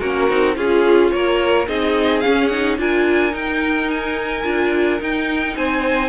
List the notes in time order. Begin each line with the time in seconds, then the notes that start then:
0.00 A#3 C#4 F#4 A#4
0.30 C4 D#4
0.55 C#4 F4 G#4
1.11 A#3 A#4 C#5
1.67 C4 D#4 G#4 D#5
2.20 C#4 F5
2.27 C#4
2.47 D#4 F#5
2.78 D4 F4 A#4 G#5
3.31 D#4 G5
3.90 G#5
4.44 D4 F4
4.99 D#4 G5
5.56 C4 C5 G#5